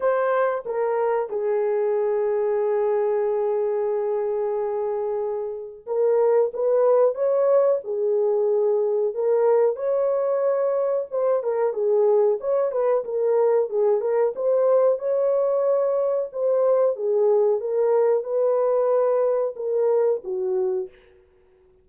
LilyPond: \new Staff \with { instrumentName = "horn" } { \time 4/4 \tempo 4 = 92 c''4 ais'4 gis'2~ | gis'1~ | gis'4 ais'4 b'4 cis''4 | gis'2 ais'4 cis''4~ |
cis''4 c''8 ais'8 gis'4 cis''8 b'8 | ais'4 gis'8 ais'8 c''4 cis''4~ | cis''4 c''4 gis'4 ais'4 | b'2 ais'4 fis'4 | }